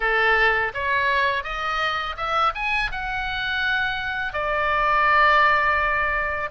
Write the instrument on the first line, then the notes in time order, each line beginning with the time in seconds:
oboe
0.00 A4
0.74 C#5
1.43 D#5
2.17 E5
2.54 G#5
2.91 F#5
4.33 D5